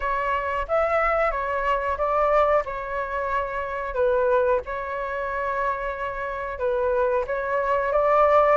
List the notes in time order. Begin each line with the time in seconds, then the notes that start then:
0.00 C#5
0.68 E5
1.31 C#5
1.97 D5
2.65 C#5
3.94 B4
4.65 C#5
6.58 B4
7.26 C#5
7.92 D5